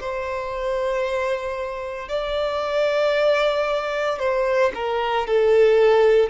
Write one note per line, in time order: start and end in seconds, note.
0.00 2.09 C5
2.09 4.19 D5
4.19 4.72 C5
4.74 5.27 A#4
5.27 6.29 A4